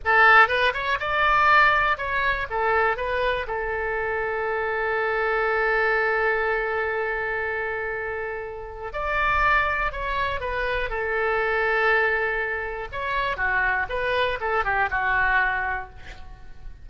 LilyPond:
\new Staff \with { instrumentName = "oboe" } { \time 4/4 \tempo 4 = 121 a'4 b'8 cis''8 d''2 | cis''4 a'4 b'4 a'4~ | a'1~ | a'1~ |
a'2 d''2 | cis''4 b'4 a'2~ | a'2 cis''4 fis'4 | b'4 a'8 g'8 fis'2 | }